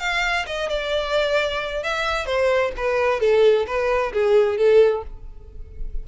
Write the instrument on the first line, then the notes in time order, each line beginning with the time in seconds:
violin
0.00 F5
0.46 D#5
0.69 D5
1.83 E5
2.26 C5
2.77 B4
3.20 A4
3.67 B4
4.13 G#4
4.58 A4